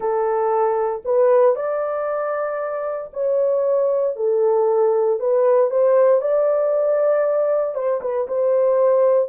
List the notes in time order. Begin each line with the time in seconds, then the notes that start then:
0.00 A4
1.04 B4
1.55 D5
3.13 C#5
4.16 A4
5.19 B4
5.70 C5
6.21 D5
7.74 C5
8.01 B4
8.27 C5